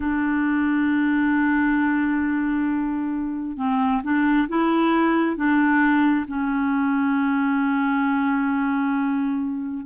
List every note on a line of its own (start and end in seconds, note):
0.00 3.57 D4
3.57 4.01 C4
4.03 4.48 D4
4.48 5.36 E4
5.36 6.25 D4
6.27 9.85 C#4